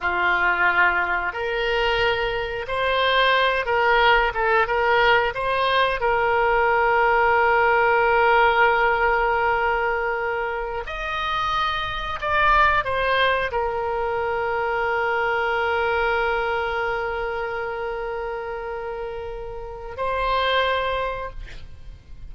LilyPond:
\new Staff \with { instrumentName = "oboe" } { \time 4/4 \tempo 4 = 90 f'2 ais'2 | c''4. ais'4 a'8 ais'4 | c''4 ais'2.~ | ais'1~ |
ais'16 dis''2 d''4 c''8.~ | c''16 ais'2.~ ais'8.~ | ais'1~ | ais'2 c''2 | }